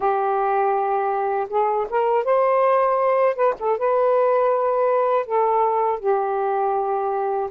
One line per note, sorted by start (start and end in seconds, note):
0.00 1.47 G4
1.49 1.87 G#4
1.89 2.24 A#4
2.24 3.35 C5
3.35 3.54 B4
3.59 3.77 A4
3.78 5.25 B4
5.25 5.99 A4
5.99 7.49 G4